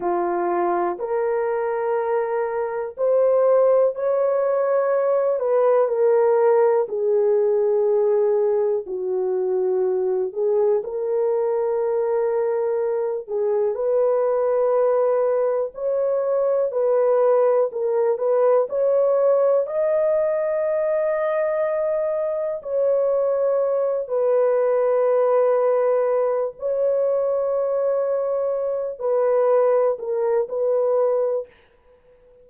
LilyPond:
\new Staff \with { instrumentName = "horn" } { \time 4/4 \tempo 4 = 61 f'4 ais'2 c''4 | cis''4. b'8 ais'4 gis'4~ | gis'4 fis'4. gis'8 ais'4~ | ais'4. gis'8 b'2 |
cis''4 b'4 ais'8 b'8 cis''4 | dis''2. cis''4~ | cis''8 b'2~ b'8 cis''4~ | cis''4. b'4 ais'8 b'4 | }